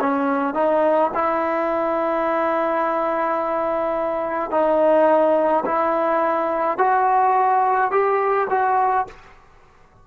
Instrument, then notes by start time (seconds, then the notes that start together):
trombone
0.00 C#4
0.54 D#4
1.14 E4
4.51 D#4
5.66 E4
6.78 F#4
7.91 G4
8.50 F#4